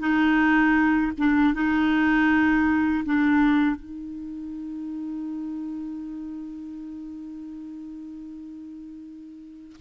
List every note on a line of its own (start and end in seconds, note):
0.00 1.12 D#4
1.18 1.54 D4
1.54 3.04 D#4
3.06 3.76 D4
3.76 9.76 D#4